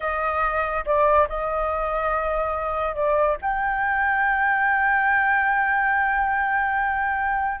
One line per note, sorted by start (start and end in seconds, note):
0.00 0.84 D#5
0.85 1.27 D5
1.28 2.95 D#5
2.95 3.37 D5
3.41 7.60 G5